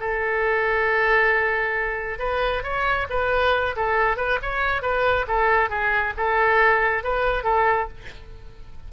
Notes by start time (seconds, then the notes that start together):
0.00 A4
2.19 B4
2.63 C#5
3.09 B4
3.76 A4
4.17 B4
4.42 C#5
4.82 B4
5.28 A4
5.70 G#4
6.17 A4
7.04 B4
7.44 A4